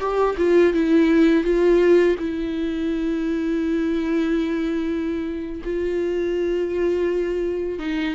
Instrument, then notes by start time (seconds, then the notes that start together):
viola
0.00 G4
0.37 F4
0.74 E4
1.44 F4
2.19 E4
5.65 F4
7.79 D#4